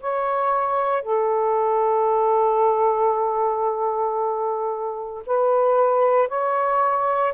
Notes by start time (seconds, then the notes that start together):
0.00 C#5
1.02 A4
5.26 B4
6.28 C#5